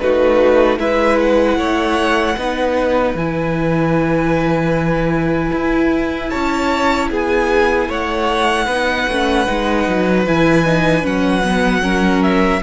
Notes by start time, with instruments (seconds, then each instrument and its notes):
0.00 cello A3, viola D#4, violin F#4 B4
0.78 cello G#3, viola E4, violin B4 E5
1.19 violin F#5
1.57 cello A3, violin C#5
2.37 cello B3, viola D#4, violin B4
3.14 cello E3, viola E4, violin G#5
5.52 cello E4
6.30 cello C#4, violin C#5 A5
7.10 cello B3, violin G#4 G#5
7.88 cello A3, violin C#5 F#5
8.65 cello B3, viola D#4, violin B4
9.08 cello A3, viola C#4
9.46 cello G#3, viola D#4
9.88 cello F#3
10.27 cello E3, viola E4, violin G#5
10.65 viola D#4
11.02 cello F#3, viola C#4, violin F#5
11.44 viola B3
11.82 viola C#4, violin A#4
12.23 violin E5